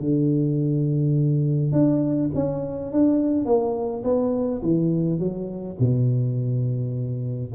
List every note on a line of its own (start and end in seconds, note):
0.00 1.72 D3
1.72 2.30 D4
2.34 2.92 C#4
2.92 3.45 D4
3.45 4.03 A#3
4.04 4.62 B3
4.62 5.19 E3
5.19 5.77 F#3
5.80 7.53 B2